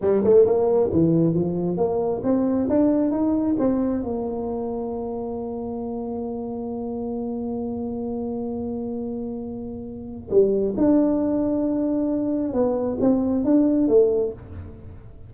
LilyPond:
\new Staff \with { instrumentName = "tuba" } { \time 4/4 \tempo 4 = 134 g8 a8 ais4 e4 f4 | ais4 c'4 d'4 dis'4 | c'4 ais2.~ | ais1~ |
ais1~ | ais2. g4 | d'1 | b4 c'4 d'4 a4 | }